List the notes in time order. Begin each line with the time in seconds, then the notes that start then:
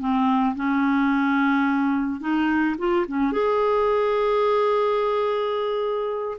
0.00 C4
0.56 C#4
2.21 D#4
2.79 F4
3.08 C#4
3.33 G#4